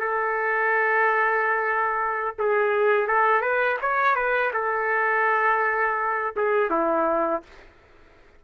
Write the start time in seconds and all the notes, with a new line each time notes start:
0.00 A4
2.39 G#4
3.07 A4
3.41 B4
3.81 C#5
4.15 B4
4.53 A4
6.36 G#4
6.70 E4